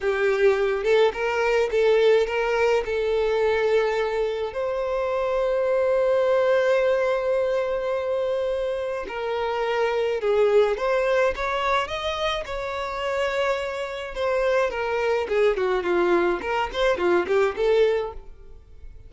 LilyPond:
\new Staff \with { instrumentName = "violin" } { \time 4/4 \tempo 4 = 106 g'4. a'8 ais'4 a'4 | ais'4 a'2. | c''1~ | c''1 |
ais'2 gis'4 c''4 | cis''4 dis''4 cis''2~ | cis''4 c''4 ais'4 gis'8 fis'8 | f'4 ais'8 c''8 f'8 g'8 a'4 | }